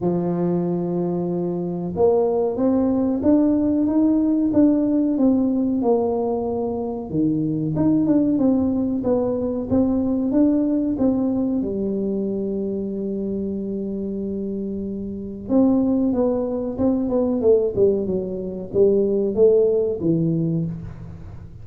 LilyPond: \new Staff \with { instrumentName = "tuba" } { \time 4/4 \tempo 4 = 93 f2. ais4 | c'4 d'4 dis'4 d'4 | c'4 ais2 dis4 | dis'8 d'8 c'4 b4 c'4 |
d'4 c'4 g2~ | g1 | c'4 b4 c'8 b8 a8 g8 | fis4 g4 a4 e4 | }